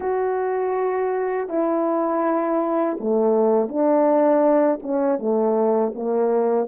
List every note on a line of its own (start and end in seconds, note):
0.00 1.48 F#4
1.48 2.97 E4
3.00 3.68 A3
3.68 4.79 D4
4.82 5.19 C#4
5.19 5.93 A3
5.94 6.68 A#3